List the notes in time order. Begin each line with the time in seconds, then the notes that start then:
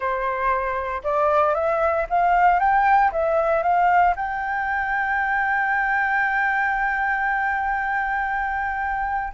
0.00 C5
1.03 D5
1.54 E5
2.09 F5
2.59 G5
3.12 E5
3.62 F5
4.15 G5